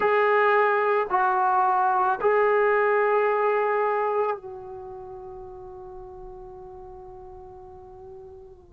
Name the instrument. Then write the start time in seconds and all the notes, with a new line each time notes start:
trombone
0.00 G#4
1.10 F#4
2.21 G#4
4.36 F#4